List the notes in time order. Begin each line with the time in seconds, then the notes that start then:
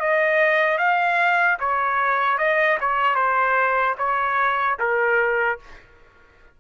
0.00 D#5
0.78 F5
1.60 C#5
2.38 D#5
2.81 C#5
3.16 C5
3.98 C#5
4.79 A#4